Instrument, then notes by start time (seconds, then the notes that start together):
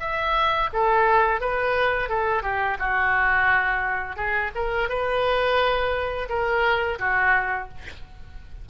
oboe
0.00 E5
0.73 A4
1.40 B4
2.09 A4
2.43 G4
2.79 F#4
4.16 G#4
4.55 A#4
4.89 B4
6.29 A#4
6.99 F#4